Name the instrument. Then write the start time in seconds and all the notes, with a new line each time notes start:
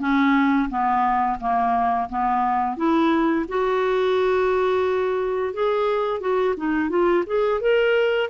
clarinet
0.00 C#4
0.70 B3
1.40 A#3
2.10 B3
2.77 E4
3.49 F#4
5.54 G#4
6.21 F#4
6.57 D#4
6.90 F4
7.27 G#4
7.61 A#4